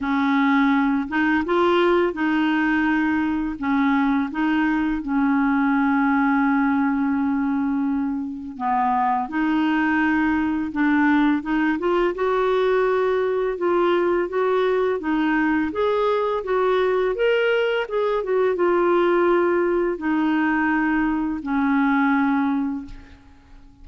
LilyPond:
\new Staff \with { instrumentName = "clarinet" } { \time 4/4 \tempo 4 = 84 cis'4. dis'8 f'4 dis'4~ | dis'4 cis'4 dis'4 cis'4~ | cis'1 | b4 dis'2 d'4 |
dis'8 f'8 fis'2 f'4 | fis'4 dis'4 gis'4 fis'4 | ais'4 gis'8 fis'8 f'2 | dis'2 cis'2 | }